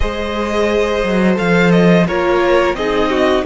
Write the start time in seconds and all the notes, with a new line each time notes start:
0.00 G#3 G#4 C5 D#5
1.03 F#3
1.34 F3 A4 F5
1.71 D#5
2.07 A#3 F4 A#4 C#5
2.74 C4 D#4 G#4 D#5
3.09 F#4